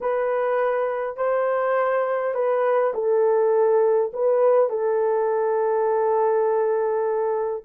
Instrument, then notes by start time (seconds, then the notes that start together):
horn
0.00 B4
1.17 C5
2.34 B4
2.94 A4
4.13 B4
4.69 A4